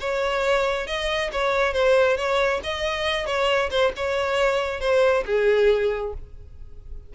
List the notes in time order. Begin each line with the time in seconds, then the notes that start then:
0.00 C#5
0.87 D#5
1.32 C#5
1.73 C5
2.17 C#5
2.63 D#5
3.26 C#5
3.70 C5
3.96 C#5
4.80 C5
5.26 G#4